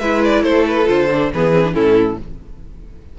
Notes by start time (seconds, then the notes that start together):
0.00 G#3 E4 B4 E5
0.25 D5
0.43 A3 A4 C5
0.67 B4
0.86 D3 F4 C5
1.11 D4
1.34 E3 B3 G#4 B4
1.53 C4
1.65 D4
1.73 A2 C#4 E4 A4